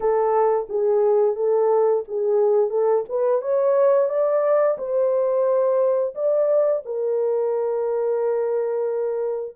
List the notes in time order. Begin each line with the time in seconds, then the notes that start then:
0.00 A4
0.68 G#4
1.35 A4
2.08 G#4
2.70 A4
3.08 B4
3.41 C#5
4.09 D5
4.78 C5
6.14 D5
6.85 A#4